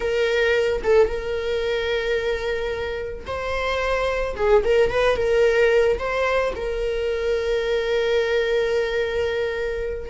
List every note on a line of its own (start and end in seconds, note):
0.00 0.82 A#4
0.83 1.07 A4
1.07 3.25 A#4
3.26 4.35 C5
4.36 4.63 G#4
4.64 4.90 A#4
4.90 5.16 B4
5.16 5.98 A#4
5.99 6.53 C5
6.55 10.10 A#4